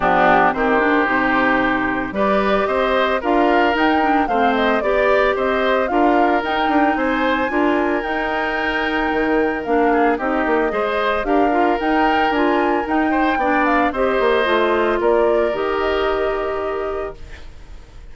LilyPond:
<<
  \new Staff \with { instrumentName = "flute" } { \time 4/4 \tempo 4 = 112 g'4 c''2. | d''4 dis''4 f''4 g''4 | f''8 dis''8 d''4 dis''4 f''4 | g''4 gis''2 g''4~ |
g''2 f''4 dis''4~ | dis''4 f''4 g''4 gis''4 | g''4. f''8 dis''2 | d''4 dis''2. | }
  \new Staff \with { instrumentName = "oboe" } { \time 4/4 d'4 g'2. | b'4 c''4 ais'2 | c''4 d''4 c''4 ais'4~ | ais'4 c''4 ais'2~ |
ais'2~ ais'8 gis'8 g'4 | c''4 ais'2.~ | ais'8 c''8 d''4 c''2 | ais'1 | }
  \new Staff \with { instrumentName = "clarinet" } { \time 4/4 b4 c'8 d'8 dis'2 | g'2 f'4 dis'8 d'8 | c'4 g'2 f'4 | dis'2 f'4 dis'4~ |
dis'2 d'4 dis'4 | gis'4 g'8 f'8 dis'4 f'4 | dis'4 d'4 g'4 f'4~ | f'4 g'2. | }
  \new Staff \with { instrumentName = "bassoon" } { \time 4/4 f4 dis4 c2 | g4 c'4 d'4 dis'4 | a4 b4 c'4 d'4 | dis'8 d'8 c'4 d'4 dis'4~ |
dis'4 dis4 ais4 c'8 ais8 | gis4 d'4 dis'4 d'4 | dis'4 b4 c'8 ais8 a4 | ais4 dis2. | }
>>